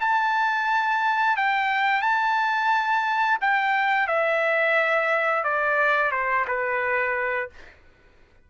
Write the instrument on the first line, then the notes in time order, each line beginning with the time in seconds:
trumpet
0.00 A5
1.36 G5
2.02 A5
3.41 G5
4.07 E5
5.44 D5
6.11 C5
6.47 B4